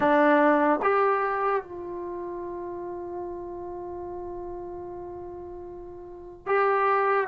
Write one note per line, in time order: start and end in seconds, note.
0.00 0.80 D4
0.82 1.63 G4
1.63 6.46 F4
6.46 7.27 G4